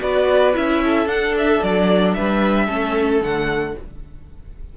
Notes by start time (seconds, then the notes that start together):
0.00 B3 F#4 B4 D5
0.53 C#4 E4 E5
0.83 A4
1.06 D4 F#5
1.38 E5
1.62 F#3 D5
2.14 G3 B4 E5
2.65 A3 C#4 A4
3.21 D3 A3 F#5